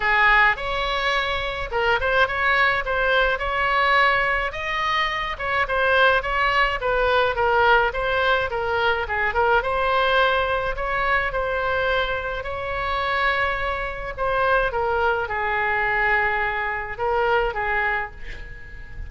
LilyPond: \new Staff \with { instrumentName = "oboe" } { \time 4/4 \tempo 4 = 106 gis'4 cis''2 ais'8 c''8 | cis''4 c''4 cis''2 | dis''4. cis''8 c''4 cis''4 | b'4 ais'4 c''4 ais'4 |
gis'8 ais'8 c''2 cis''4 | c''2 cis''2~ | cis''4 c''4 ais'4 gis'4~ | gis'2 ais'4 gis'4 | }